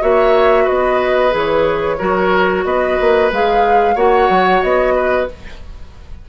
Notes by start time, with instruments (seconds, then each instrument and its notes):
0.00 bassoon A#3, clarinet F#4, oboe C#5, flute E5
0.64 bassoon B3, oboe B4, flute D#5
1.30 bassoon E3, clarinet G#4
1.37 flute C#5
1.98 bassoon F#3, clarinet F#4, oboe A#4
2.64 bassoon B3, oboe B4, flute D#5
3.00 bassoon A#3
3.31 bassoon G#3, clarinet G#4, flute F5
3.95 bassoon A#3, clarinet F#4, oboe C#5, flute F#5
4.29 bassoon F#3
4.62 bassoon B3, flute D#5
4.95 oboe B4